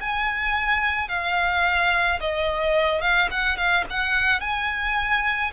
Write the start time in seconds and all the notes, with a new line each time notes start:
0.00 G#5
1.08 F5
2.20 D#5
3.01 F5
3.31 F#5
3.57 F5
3.90 F#5
4.40 G#5